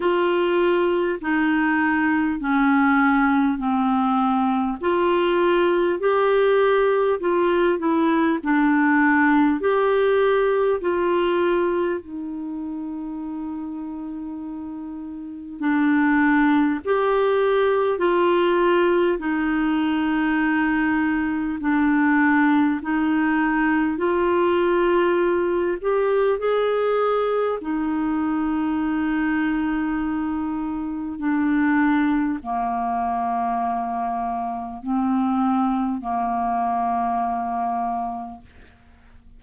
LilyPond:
\new Staff \with { instrumentName = "clarinet" } { \time 4/4 \tempo 4 = 50 f'4 dis'4 cis'4 c'4 | f'4 g'4 f'8 e'8 d'4 | g'4 f'4 dis'2~ | dis'4 d'4 g'4 f'4 |
dis'2 d'4 dis'4 | f'4. g'8 gis'4 dis'4~ | dis'2 d'4 ais4~ | ais4 c'4 ais2 | }